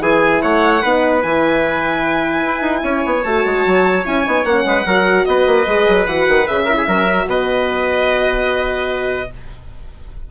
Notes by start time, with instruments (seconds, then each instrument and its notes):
0.00 bassoon E3, horn E4, trumpet G#4, violin G#5
0.42 bassoon A3, trumpet C#5, violin F#5
0.82 bassoon B3, horn D#4, trumpet B4
1.22 bassoon E3, horn E4, violin G#5
2.46 bassoon E4
2.61 bassoon D#4
2.84 bassoon C#4, trumpet C#5
3.06 bassoon B3
3.23 bassoon A3, horn F#4, violin A5
3.45 bassoon G#3
3.66 bassoon F#3
4.05 bassoon C#4, horn E4, violin G#5
4.26 bassoon B3, horn D#4
4.45 bassoon A#3, horn C#4, violin F#5
4.65 bassoon G#3, trumpet B4
4.86 bassoon F#3, horn F#4, trumpet A#4
5.25 bassoon B3, trumpet B4, violin D#5
5.46 bassoon A#3
5.67 bassoon G#3, horn G#4
5.88 bassoon F#3
6.06 bassoon E3, horn F#4, violin F#5
6.28 bassoon D#3
6.47 bassoon C#3, horn G#4, violin E5
6.65 horn E4, trumpet A#4
6.77 trumpet G#4
6.87 bassoon F#3, horn C#4, trumpet A#4
7.08 horn F#4
7.26 bassoon B2, trumpet B4, violin D#5